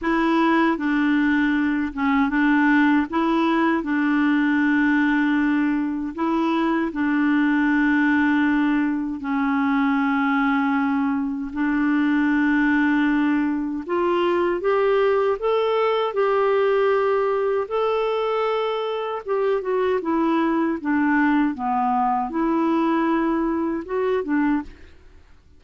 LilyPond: \new Staff \with { instrumentName = "clarinet" } { \time 4/4 \tempo 4 = 78 e'4 d'4. cis'8 d'4 | e'4 d'2. | e'4 d'2. | cis'2. d'4~ |
d'2 f'4 g'4 | a'4 g'2 a'4~ | a'4 g'8 fis'8 e'4 d'4 | b4 e'2 fis'8 d'8 | }